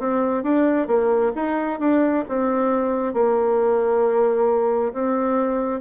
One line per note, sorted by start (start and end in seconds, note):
0.00 0.44 C4
0.44 0.88 D4
0.88 1.32 A#3
1.36 1.80 D#4
1.80 2.25 D4
2.29 3.14 C4
3.14 4.93 A#3
4.93 5.81 C4